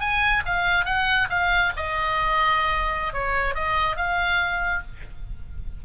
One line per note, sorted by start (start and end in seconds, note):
0.00 0.43 G#5
0.46 0.85 F5
0.85 1.28 F#5
1.30 1.73 F5
1.77 3.13 D#5
3.13 3.55 C#5
3.55 3.97 D#5
3.97 4.82 F5